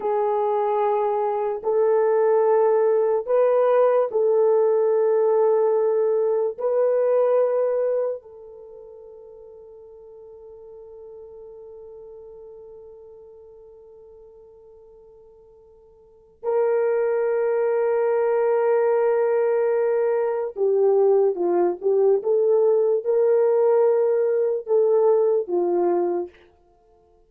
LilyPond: \new Staff \with { instrumentName = "horn" } { \time 4/4 \tempo 4 = 73 gis'2 a'2 | b'4 a'2. | b'2 a'2~ | a'1~ |
a'1 | ais'1~ | ais'4 g'4 f'8 g'8 a'4 | ais'2 a'4 f'4 | }